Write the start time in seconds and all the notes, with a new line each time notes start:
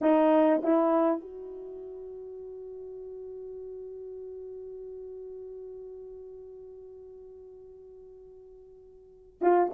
0.01 D#4
0.63 E4
1.21 F#4
9.41 F4